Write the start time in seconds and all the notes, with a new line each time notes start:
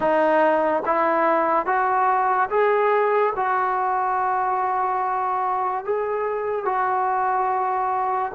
0.00 D#4
0.85 E4
1.66 F#4
2.50 G#4
3.35 F#4
5.84 G#4
6.65 F#4